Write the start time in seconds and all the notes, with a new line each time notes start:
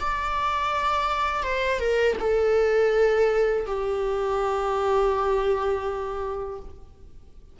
0.00 D5
1.43 C5
1.80 A#4
2.20 A4
3.67 G4